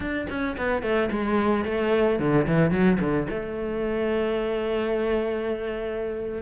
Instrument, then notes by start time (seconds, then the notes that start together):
cello
0.00 D4
0.29 C#4
0.57 B3
0.82 A3
1.11 G#3
1.64 A3
2.19 D3
2.47 E3
2.70 F#3
3.00 D3
3.30 A3